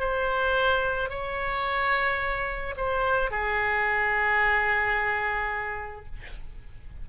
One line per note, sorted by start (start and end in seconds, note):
0.00 1.10 C5
1.10 2.75 C#5
2.77 3.31 C5
3.31 6.06 G#4